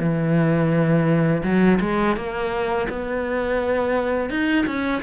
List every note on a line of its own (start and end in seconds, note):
0.00 1.43 E3
1.44 1.80 F#3
1.81 2.17 G#3
2.17 2.88 A#3
2.90 4.30 B3
4.30 4.66 D#4
4.67 5.03 C#4